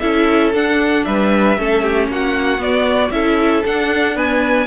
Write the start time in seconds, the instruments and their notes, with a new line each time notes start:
0.00 cello C#4, viola E4, violin A4 E5
0.54 cello D4, viola D4, violin F#5
1.05 cello G3, violin B4 E5
1.58 cello A3, viola C#4, violin A4
1.83 violin G4
2.08 cello A#3, violin F#4 F#5
2.59 cello B3, viola B3, violin D5
3.11 cello C#4, viola E4, violin A4 E5
3.65 cello D4, viola D4, violin F#5
4.16 viola B3, violin B4 G#5